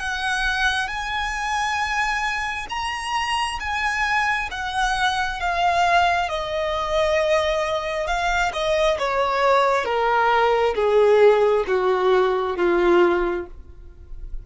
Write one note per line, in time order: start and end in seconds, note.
0.00 0.88 F#5
0.88 2.67 G#5
2.70 3.59 A#5
3.60 4.49 G#5
4.51 5.40 F#5
5.40 6.29 F5
6.29 8.07 D#5
8.07 8.52 F5
8.53 8.98 D#5
8.99 9.85 C#5
9.85 10.75 A#4
10.75 11.65 G#4
11.67 12.57 F#4
12.57 13.47 F4